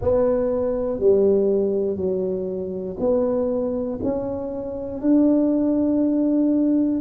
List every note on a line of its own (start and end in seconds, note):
0.01 1.00 B3
1.00 1.96 G3
1.96 2.96 F#3
2.99 3.99 B3
4.03 5.00 C#4
5.00 7.00 D4